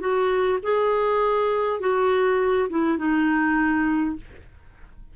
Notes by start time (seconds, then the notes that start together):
0.00 F#4
0.63 G#4
1.80 F#4
2.70 E4
2.98 D#4